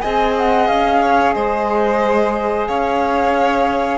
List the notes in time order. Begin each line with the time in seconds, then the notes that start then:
0.00 C4 G#4 D#5 G#5
0.37 F#5
0.68 C#4 F5
1.01 C#5
1.33 G#3 C5 D#5
2.67 C#4 C#5 F5